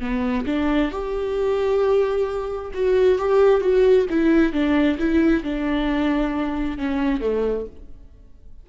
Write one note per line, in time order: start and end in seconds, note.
0.00 0.45 B3
0.46 0.91 D4
0.91 2.72 G4
2.74 3.19 F#4
3.19 3.61 G4
3.61 4.06 F#4
4.10 4.53 E4
4.53 4.98 D4
4.98 5.43 E4
5.43 6.78 D4
6.78 7.21 C#4
7.21 7.66 A3